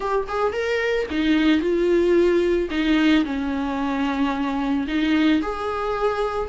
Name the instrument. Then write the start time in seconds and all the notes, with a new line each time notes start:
viola
0.00 G4
0.28 G#4
0.52 A#4
1.10 D#4
1.60 F4
2.70 D#4
3.24 C#4
4.87 D#4
5.42 G#4